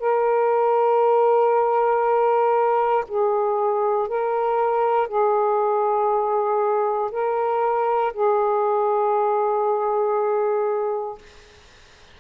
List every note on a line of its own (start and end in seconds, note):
0.00 3.05 A#4
3.08 4.08 G#4
4.08 5.08 A#4
5.08 7.11 G#4
7.11 8.13 A#4
8.14 11.19 G#4